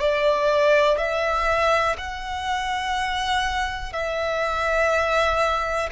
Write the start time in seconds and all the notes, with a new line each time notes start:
0.00 D5
0.98 E5
1.98 F#5
3.93 E5